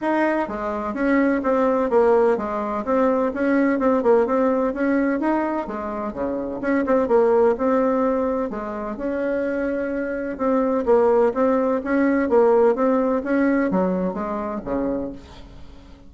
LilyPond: \new Staff \with { instrumentName = "bassoon" } { \time 4/4 \tempo 4 = 127 dis'4 gis4 cis'4 c'4 | ais4 gis4 c'4 cis'4 | c'8 ais8 c'4 cis'4 dis'4 | gis4 cis4 cis'8 c'8 ais4 |
c'2 gis4 cis'4~ | cis'2 c'4 ais4 | c'4 cis'4 ais4 c'4 | cis'4 fis4 gis4 cis4 | }